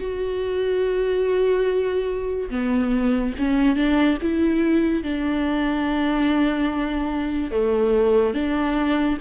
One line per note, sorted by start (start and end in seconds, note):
0.00 2.50 F#4
2.50 3.34 B3
3.39 3.77 C#4
3.77 4.18 D4
4.22 5.04 E4
5.04 7.52 D4
7.52 8.35 A3
8.35 9.18 D4